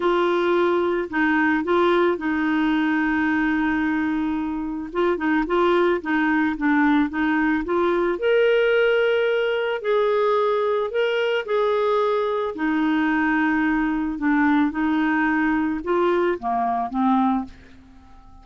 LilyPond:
\new Staff \with { instrumentName = "clarinet" } { \time 4/4 \tempo 4 = 110 f'2 dis'4 f'4 | dis'1~ | dis'4 f'8 dis'8 f'4 dis'4 | d'4 dis'4 f'4 ais'4~ |
ais'2 gis'2 | ais'4 gis'2 dis'4~ | dis'2 d'4 dis'4~ | dis'4 f'4 ais4 c'4 | }